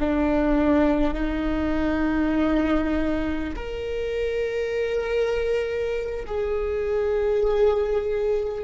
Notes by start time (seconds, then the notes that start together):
0.00 D4
1.14 D#4
3.56 A#4
6.26 G#4